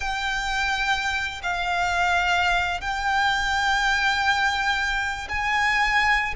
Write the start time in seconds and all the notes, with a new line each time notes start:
0.00 G5
1.42 F5
2.80 G5
5.28 G#5